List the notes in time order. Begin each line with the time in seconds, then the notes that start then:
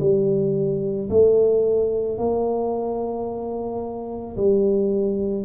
0.00 G3
1.10 A3
2.18 A#3
4.36 G3